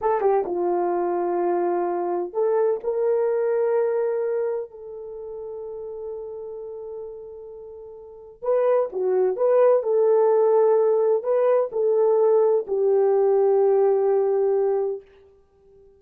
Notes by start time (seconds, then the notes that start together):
0.01 A4
0.20 G4
0.45 F4
2.33 A4
2.83 A#4
4.70 A4
8.42 B4
8.92 F#4
9.36 B4
9.82 A4
11.23 B4
11.72 A4
12.67 G4